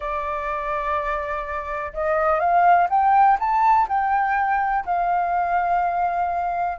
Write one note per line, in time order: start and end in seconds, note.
0.00 1.92 D5
1.93 2.39 D#5
2.39 2.88 F5
2.89 3.38 G5
3.39 3.87 A5
3.88 4.85 G5
4.85 6.78 F5